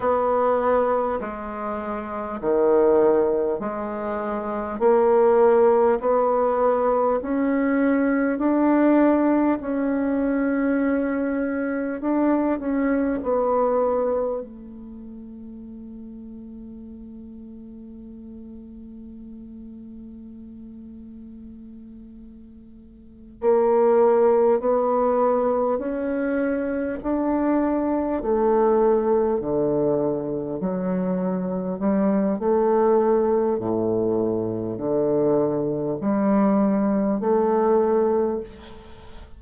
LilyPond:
\new Staff \with { instrumentName = "bassoon" } { \time 4/4 \tempo 4 = 50 b4 gis4 dis4 gis4 | ais4 b4 cis'4 d'4 | cis'2 d'8 cis'8 b4 | a1~ |
a2.~ a8 ais8~ | ais8 b4 cis'4 d'4 a8~ | a8 d4 fis4 g8 a4 | a,4 d4 g4 a4 | }